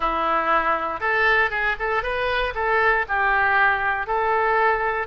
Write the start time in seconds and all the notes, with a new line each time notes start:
0.00 E4
1.00 A4
1.50 G#4
1.79 A4
2.02 B4
2.54 A4
3.08 G4
4.07 A4